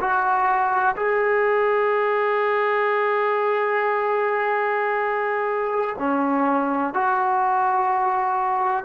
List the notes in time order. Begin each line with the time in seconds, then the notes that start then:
0.00 F#4
0.96 G#4
5.98 C#4
6.94 F#4